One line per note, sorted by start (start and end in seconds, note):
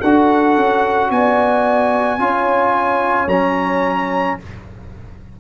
0.00 0.56 D4
0.00 2.19 F#4
0.00 1.09 A4
0.00 1.10 F#5
0.56 1.10 C#4
1.10 2.18 B3
1.10 2.22 D5
1.10 3.29 G#5
2.18 3.27 C#4
2.18 3.28 F4
2.18 4.40 C#5
3.27 4.36 F#3
3.27 4.39 C#4
3.27 4.38 A#5